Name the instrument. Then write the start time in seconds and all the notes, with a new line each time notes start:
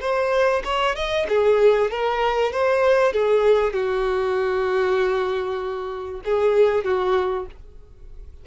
violin
0.00 C5
0.64 C#5
0.95 D#5
1.28 G#4
1.90 A#4
2.52 C5
3.12 G#4
3.73 F#4
6.24 G#4
6.84 F#4